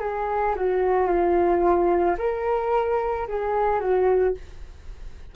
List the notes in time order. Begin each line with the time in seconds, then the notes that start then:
0.00 G#4
0.55 F#4
1.07 F4
2.18 A#4
3.27 G#4
3.79 F#4